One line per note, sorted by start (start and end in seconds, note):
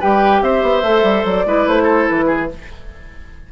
0.00 0.41 G3
0.00 0.83 G4
0.00 0.41 B4
0.00 0.42 G5
0.41 0.62 C4
0.41 1.46 C5
0.41 1.25 E5
0.62 0.82 B3
0.82 1.02 A3
0.82 1.46 A4
1.02 1.23 G3
1.24 1.45 F#3
1.24 1.68 D5
1.45 1.66 G#3
1.45 2.49 E4
1.45 1.83 B4
1.66 2.07 A3
1.66 2.08 C5
1.83 2.24 A4
2.08 2.51 E3
2.08 2.50 B4
2.26 2.47 G#4